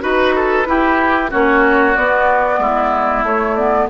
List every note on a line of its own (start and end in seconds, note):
0.00 0.67 D#4
0.00 0.65 F#4
0.00 1.30 B4
0.00 0.35 B4
0.35 0.68 A4
0.66 1.30 E4
0.66 1.32 E4
0.66 1.31 G4
1.30 1.97 A#3
1.30 1.94 C#4
1.30 2.60 F#4
1.30 1.95 C#5
1.95 2.58 B3
1.95 3.26 B3
1.95 3.24 D5
2.58 3.23 G#3
2.58 3.90 E4
3.23 3.88 A3
3.23 3.58 A3
3.23 3.55 C#5
3.55 3.90 B3
3.55 3.87 D5